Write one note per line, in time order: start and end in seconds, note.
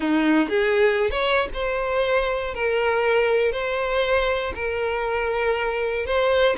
0.00 0.49 D#4
0.49 1.10 G#4
1.10 1.48 C#5
1.53 2.54 C5
2.54 3.52 A#4
3.52 4.53 C5
4.54 6.05 A#4
6.05 6.56 C5